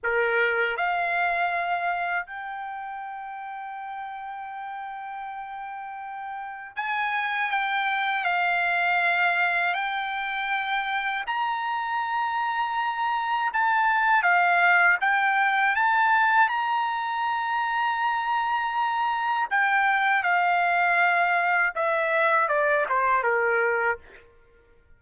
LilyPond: \new Staff \with { instrumentName = "trumpet" } { \time 4/4 \tempo 4 = 80 ais'4 f''2 g''4~ | g''1~ | g''4 gis''4 g''4 f''4~ | f''4 g''2 ais''4~ |
ais''2 a''4 f''4 | g''4 a''4 ais''2~ | ais''2 g''4 f''4~ | f''4 e''4 d''8 c''8 ais'4 | }